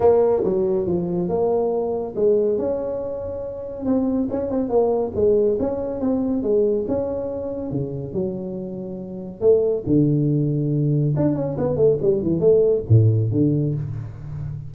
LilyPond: \new Staff \with { instrumentName = "tuba" } { \time 4/4 \tempo 4 = 140 ais4 fis4 f4 ais4~ | ais4 gis4 cis'2~ | cis'4 c'4 cis'8 c'8 ais4 | gis4 cis'4 c'4 gis4 |
cis'2 cis4 fis4~ | fis2 a4 d4~ | d2 d'8 cis'8 b8 a8 | g8 e8 a4 a,4 d4 | }